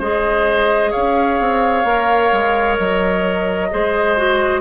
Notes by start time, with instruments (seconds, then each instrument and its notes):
0.00 bassoon G#3, clarinet G#4, oboe C5, flute D#5
0.91 bassoon C#4, oboe C#5, flute F5
1.40 bassoon C4
1.84 bassoon A#3, clarinet A#4
2.33 bassoon G#3
2.78 bassoon F#3, flute D#5
3.71 bassoon G#3, clarinet G#4, oboe C5
4.17 clarinet F#4